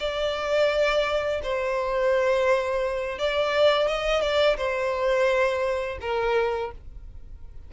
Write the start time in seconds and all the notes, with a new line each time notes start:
0.00 D5
1.43 C5
3.19 D5
3.88 D#5
4.21 D5
4.57 C5
6.01 A#4